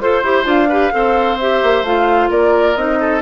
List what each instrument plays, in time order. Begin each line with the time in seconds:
0.00 bassoon F4, clarinet A4, flute C5, oboe C5
0.22 bassoon E4, clarinet G4
0.44 bassoon D4, clarinet F4, flute F5
0.68 clarinet G4, oboe B4
0.91 bassoon C4, clarinet A4, oboe C5
1.39 clarinet G4, flute E5
1.62 bassoon A#3
1.82 bassoon A3, clarinet F4, flute F5
2.30 bassoon A#3, oboe A#4, flute D5
2.76 bassoon C4, clarinet D#4, flute D#5
3.00 oboe A4